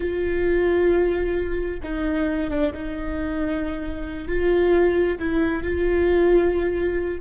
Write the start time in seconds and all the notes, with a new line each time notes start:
0.00 F4
1.83 D#4
2.50 D4
2.73 D#4
4.28 F4
5.19 E4
5.63 F4